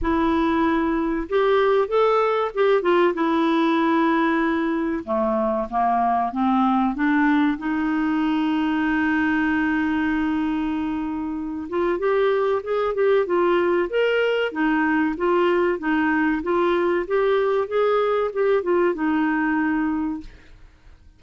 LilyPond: \new Staff \with { instrumentName = "clarinet" } { \time 4/4 \tempo 4 = 95 e'2 g'4 a'4 | g'8 f'8 e'2. | a4 ais4 c'4 d'4 | dis'1~ |
dis'2~ dis'8 f'8 g'4 | gis'8 g'8 f'4 ais'4 dis'4 | f'4 dis'4 f'4 g'4 | gis'4 g'8 f'8 dis'2 | }